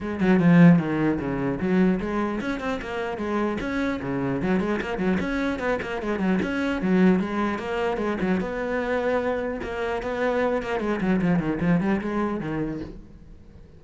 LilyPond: \new Staff \with { instrumentName = "cello" } { \time 4/4 \tempo 4 = 150 gis8 fis8 f4 dis4 cis4 | fis4 gis4 cis'8 c'8 ais4 | gis4 cis'4 cis4 fis8 gis8 | ais8 fis8 cis'4 b8 ais8 gis8 fis8 |
cis'4 fis4 gis4 ais4 | gis8 fis8 b2. | ais4 b4. ais8 gis8 fis8 | f8 dis8 f8 g8 gis4 dis4 | }